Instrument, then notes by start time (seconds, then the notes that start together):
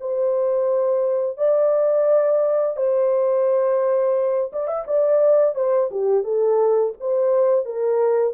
horn
0.00 C5
1.37 D5
2.76 C5
4.52 D5
4.67 E5
4.86 D5
5.55 C5
5.91 G4
6.23 A4
7.00 C5
7.65 A#4